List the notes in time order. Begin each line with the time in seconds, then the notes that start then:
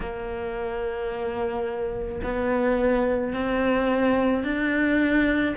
0.00 A#3
2.23 B3
3.33 C4
4.44 D4